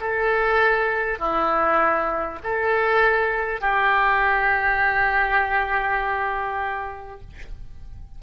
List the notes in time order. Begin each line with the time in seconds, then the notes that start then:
0.00 A4
1.18 E4
2.43 A4
3.61 G4